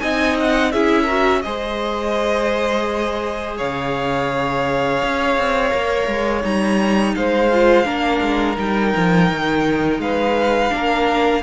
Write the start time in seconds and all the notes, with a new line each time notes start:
0.00 C4 D#4 D#5 G#5
0.39 F#5
0.72 C#4 E4 G#4 E5
1.03 F#4 A#4
1.41 G#3 G#4 C5 D#5
3.57 C#3 C#5 F5
5.02 C#4
5.36 C4
5.70 A#3 A#4
6.07 G#3
6.41 G3 D#4 A#5
7.15 G#3 C5 F5
7.52 F4
7.84 A#3 D4 A#4
8.21 G#3
8.56 G3 D#4 G5
8.96 F3
9.31 D#3
9.98 G#3 B4 F5
10.70 A#3 D4 A#4